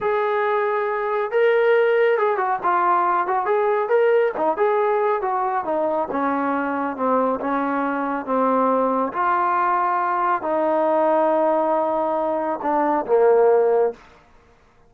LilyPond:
\new Staff \with { instrumentName = "trombone" } { \time 4/4 \tempo 4 = 138 gis'2. ais'4~ | ais'4 gis'8 fis'8 f'4. fis'8 | gis'4 ais'4 dis'8 gis'4. | fis'4 dis'4 cis'2 |
c'4 cis'2 c'4~ | c'4 f'2. | dis'1~ | dis'4 d'4 ais2 | }